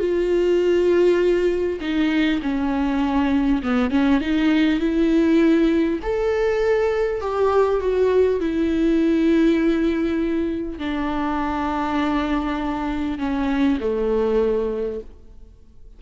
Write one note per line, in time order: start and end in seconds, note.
0.00 1.80 F4
1.81 2.41 D#4
2.42 3.62 C#4
3.63 3.91 B3
3.91 4.21 C#4
4.21 4.80 D#4
4.80 6.00 E4
6.03 7.21 A4
7.21 7.81 G4
7.81 8.41 F#4
8.41 10.79 E4
10.79 13.19 D4
13.19 13.79 C#4
13.81 15.01 A3